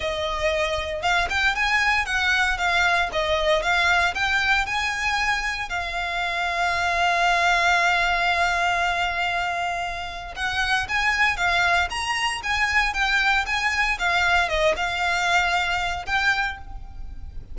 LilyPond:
\new Staff \with { instrumentName = "violin" } { \time 4/4 \tempo 4 = 116 dis''2 f''8 g''8 gis''4 | fis''4 f''4 dis''4 f''4 | g''4 gis''2 f''4~ | f''1~ |
f''1 | fis''4 gis''4 f''4 ais''4 | gis''4 g''4 gis''4 f''4 | dis''8 f''2~ f''8 g''4 | }